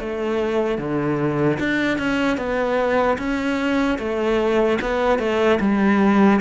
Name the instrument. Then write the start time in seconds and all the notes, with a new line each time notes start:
cello
0.00 A3
0.79 D3
1.60 D4
1.98 C#4
2.37 B3
3.18 C#4
3.99 A3
4.82 B3
5.19 A3
5.60 G3